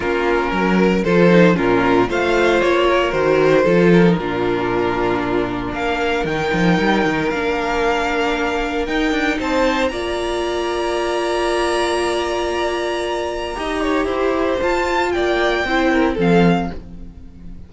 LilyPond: <<
  \new Staff \with { instrumentName = "violin" } { \time 4/4 \tempo 4 = 115 ais'2 c''4 ais'4 | f''4 cis''4 c''4. ais'8~ | ais'2. f''4 | g''2 f''2~ |
f''4 g''4 a''4 ais''4~ | ais''1~ | ais''1 | a''4 g''2 f''4 | }
  \new Staff \with { instrumentName = "violin" } { \time 4/4 f'4 ais'4 a'4 f'4 | c''4. ais'4. a'4 | f'2. ais'4~ | ais'1~ |
ais'2 c''4 d''4~ | d''1~ | d''2 dis''8 cis''8 c''4~ | c''4 d''4 c''8 ais'8 a'4 | }
  \new Staff \with { instrumentName = "viola" } { \time 4/4 cis'2 f'8 dis'8 cis'4 | f'2 fis'4 f'8. dis'16 | d'1 | dis'2 d'2~ |
d'4 dis'2 f'4~ | f'1~ | f'2 g'2 | f'2 e'4 c'4 | }
  \new Staff \with { instrumentName = "cello" } { \time 4/4 ais4 fis4 f4 ais,4 | a4 ais4 dis4 f4 | ais,2. ais4 | dis8 f8 g8 dis8 ais2~ |
ais4 dis'8 d'8 c'4 ais4~ | ais1~ | ais2 dis'4 e'4 | f'4 ais4 c'4 f4 | }
>>